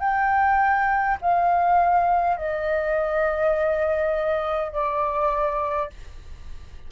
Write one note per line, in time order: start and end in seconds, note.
0.00 1.18 G5
1.22 2.37 F5
2.37 4.73 D#5
4.73 5.90 D5